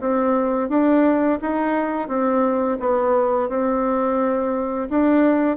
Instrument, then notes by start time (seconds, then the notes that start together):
bassoon
0.00 C4
0.69 D4
1.41 D#4
2.08 C4
2.79 B3
3.49 C4
4.90 D4